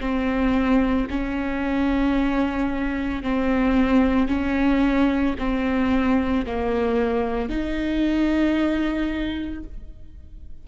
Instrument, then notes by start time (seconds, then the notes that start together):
viola
0.00 C4
1.10 C#4
3.22 C4
4.28 C#4
5.38 C4
6.46 A#3
7.49 D#4